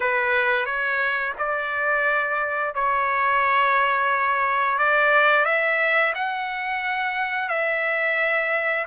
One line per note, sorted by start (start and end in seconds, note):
0.00 0.65 B4
0.65 1.33 C#5
1.38 2.74 D5
2.74 4.78 C#5
4.78 5.45 D5
5.45 6.13 E5
6.14 7.48 F#5
7.48 8.85 E5